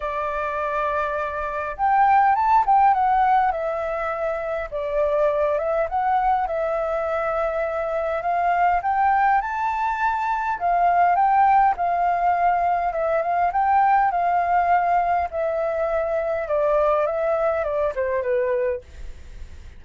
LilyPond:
\new Staff \with { instrumentName = "flute" } { \time 4/4 \tempo 4 = 102 d''2. g''4 | a''8 g''8 fis''4 e''2 | d''4. e''8 fis''4 e''4~ | e''2 f''4 g''4 |
a''2 f''4 g''4 | f''2 e''8 f''8 g''4 | f''2 e''2 | d''4 e''4 d''8 c''8 b'4 | }